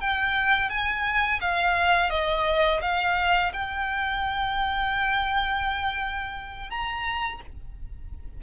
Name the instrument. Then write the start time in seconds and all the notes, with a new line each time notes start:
violin
0.00 G5
0.69 G#5
1.40 F5
2.10 D#5
2.81 F5
3.53 G5
6.70 A#5